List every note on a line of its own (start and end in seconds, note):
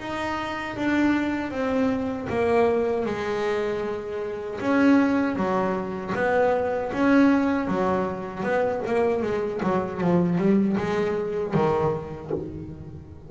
0.00 0.77 D#4
0.77 1.51 D4
1.51 2.28 C4
2.30 3.06 A#3
3.06 4.60 G#3
4.60 5.37 C#4
5.37 6.14 F#3
6.15 6.92 B3
6.93 7.68 C#4
7.68 8.44 F#3
8.44 8.82 B3
8.87 9.23 A#3
9.23 9.61 G#3
9.63 10.01 F#3
10.01 10.38 F3
10.38 10.77 G3
10.78 11.55 G#3
11.55 12.31 D#3